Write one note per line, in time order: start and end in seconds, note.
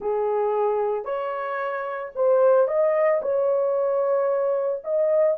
0.00 1.04 G#4
1.04 2.12 C#5
2.15 2.67 C5
2.67 3.21 D#5
3.21 4.82 C#5
4.84 5.37 D#5